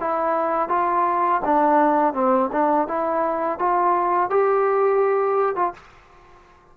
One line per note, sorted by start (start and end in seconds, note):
0.00 0.69 E4
0.69 1.41 F4
1.45 2.14 D4
2.14 2.50 C4
2.52 2.88 D4
2.88 3.58 E4
3.58 4.29 F4
4.29 5.55 G4
5.55 5.73 F4